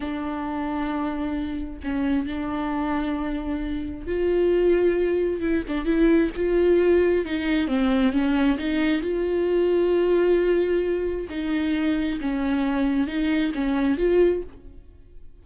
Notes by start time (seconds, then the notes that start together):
0.00 D4
1.83 C#4
2.26 D4
4.06 F4
5.41 E4
5.68 D4
5.85 E4
6.36 F4
7.25 D#4
7.67 C4
8.12 C#4
8.57 D#4
9.01 F4
11.29 D#4
12.20 C#4
13.07 D#4
13.54 C#4
13.97 F4